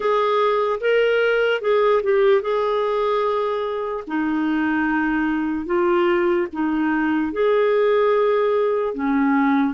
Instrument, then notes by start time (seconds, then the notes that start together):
clarinet
0.00 G#4
0.80 A#4
1.61 G#4
2.02 G4
2.41 G#4
4.07 D#4
5.65 F4
6.53 D#4
7.32 G#4
8.94 C#4